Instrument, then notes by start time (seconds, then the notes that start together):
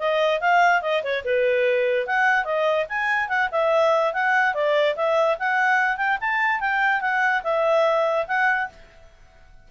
clarinet
0.00 D#5
0.41 F5
0.82 D#5
1.04 C#5
1.25 B4
2.07 F#5
2.45 D#5
2.89 G#5
3.29 F#5
3.52 E5
4.14 F#5
4.55 D5
4.97 E5
5.39 F#5
5.97 G5
6.21 A5
6.61 G5
7.02 F#5
7.44 E5
8.28 F#5